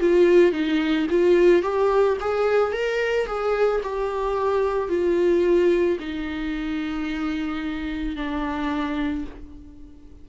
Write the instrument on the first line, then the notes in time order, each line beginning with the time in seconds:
viola
0.00 F4
0.52 D#4
1.10 F4
1.63 G4
2.20 G#4
2.72 A#4
3.26 G#4
3.83 G4
4.89 F4
6.00 D#4
8.16 D4